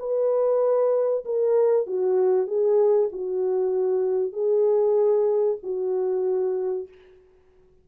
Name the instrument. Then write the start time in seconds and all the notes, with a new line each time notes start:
horn
0.00 B4
1.25 A#4
1.87 F#4
2.47 G#4
3.12 F#4
4.33 G#4
5.63 F#4